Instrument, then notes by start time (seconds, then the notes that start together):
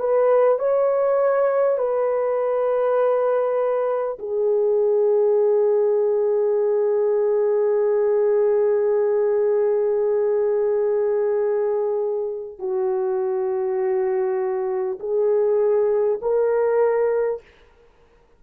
horn
0.00 B4
0.59 C#5
1.78 B4
4.19 G#4
12.59 F#4
15.00 G#4
16.22 A#4